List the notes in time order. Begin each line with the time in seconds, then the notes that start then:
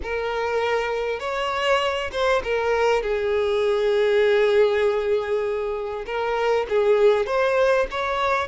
0.02 A#4
1.19 C#5
2.12 C5
2.43 A#4
3.02 G#4
6.06 A#4
6.69 G#4
7.26 C5
7.90 C#5